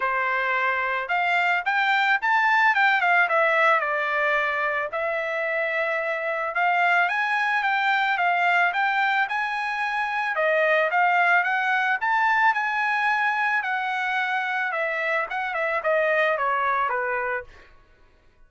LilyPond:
\new Staff \with { instrumentName = "trumpet" } { \time 4/4 \tempo 4 = 110 c''2 f''4 g''4 | a''4 g''8 f''8 e''4 d''4~ | d''4 e''2. | f''4 gis''4 g''4 f''4 |
g''4 gis''2 dis''4 | f''4 fis''4 a''4 gis''4~ | gis''4 fis''2 e''4 | fis''8 e''8 dis''4 cis''4 b'4 | }